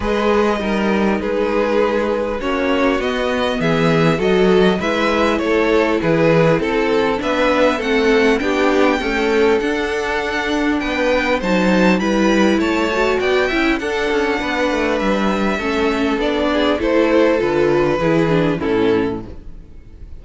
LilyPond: <<
  \new Staff \with { instrumentName = "violin" } { \time 4/4 \tempo 4 = 100 dis''2 b'2 | cis''4 dis''4 e''4 dis''4 | e''4 cis''4 b'4 a'4 | e''4 fis''4 g''2 |
fis''2 g''4 a''4 | b''4 a''4 g''4 fis''4~ | fis''4 e''2 d''4 | c''4 b'2 a'4 | }
  \new Staff \with { instrumentName = "violin" } { \time 4/4 b'4 ais'4 gis'2 | fis'2 gis'4 a'4 | b'4 a'4 gis'4 a'4 | b'4 a'4 g'4 a'4~ |
a'2 b'4 c''4 | b'4 cis''4 d''8 e''8 a'4 | b'2 a'4. gis'8 | a'2 gis'4 e'4 | }
  \new Staff \with { instrumentName = "viola" } { \time 4/4 gis'4 dis'2. | cis'4 b2 fis'4 | e'1 | d'4 c'4 d'4 a4 |
d'2. dis'4 | e'4. fis'4 e'8 d'4~ | d'2 cis'4 d'4 | e'4 f'4 e'8 d'8 cis'4 | }
  \new Staff \with { instrumentName = "cello" } { \time 4/4 gis4 g4 gis2 | ais4 b4 e4 fis4 | gis4 a4 e4 c'4 | b4 a4 b4 cis'4 |
d'2 b4 fis4 | g4 a4 b8 cis'8 d'8 cis'8 | b8 a8 g4 a4 b4 | a4 d4 e4 a,4 | }
>>